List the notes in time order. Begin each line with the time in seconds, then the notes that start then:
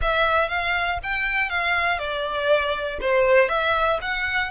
0.01 E5
0.49 F5
1.02 G5
1.49 F5
1.99 D5
3.00 C5
3.48 E5
4.01 F#5